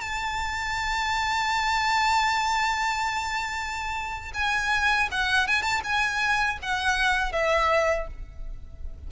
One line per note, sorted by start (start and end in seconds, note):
0.00 4.31 A5
4.34 5.09 G#5
5.11 5.47 F#5
5.47 5.62 G#5
5.62 5.81 A5
5.83 6.58 G#5
6.62 7.32 F#5
7.32 8.07 E5